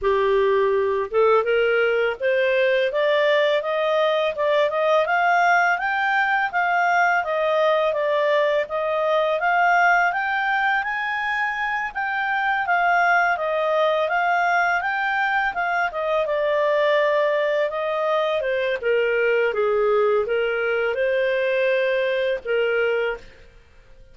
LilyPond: \new Staff \with { instrumentName = "clarinet" } { \time 4/4 \tempo 4 = 83 g'4. a'8 ais'4 c''4 | d''4 dis''4 d''8 dis''8 f''4 | g''4 f''4 dis''4 d''4 | dis''4 f''4 g''4 gis''4~ |
gis''8 g''4 f''4 dis''4 f''8~ | f''8 g''4 f''8 dis''8 d''4.~ | d''8 dis''4 c''8 ais'4 gis'4 | ais'4 c''2 ais'4 | }